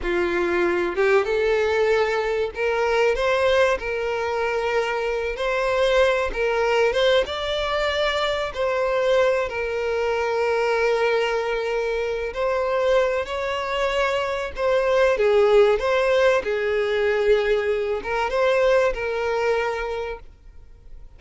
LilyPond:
\new Staff \with { instrumentName = "violin" } { \time 4/4 \tempo 4 = 95 f'4. g'8 a'2 | ais'4 c''4 ais'2~ | ais'8 c''4. ais'4 c''8 d''8~ | d''4. c''4. ais'4~ |
ais'2.~ ais'8 c''8~ | c''4 cis''2 c''4 | gis'4 c''4 gis'2~ | gis'8 ais'8 c''4 ais'2 | }